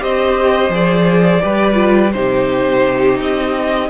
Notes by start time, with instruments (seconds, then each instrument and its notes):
0.00 cello C4, viola G4, violin C5 D#5
0.69 cello F3, viola G#4, violin D5
1.41 cello G3, viola G4, violin B4
1.74 viola F4
2.12 cello C3, viola D#4, violin G4 C5
3.20 cello C4, violin D#5